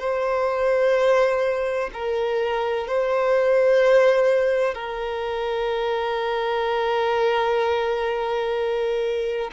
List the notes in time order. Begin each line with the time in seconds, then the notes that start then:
0.00 C5
1.94 A#4
2.88 C5
4.74 A#4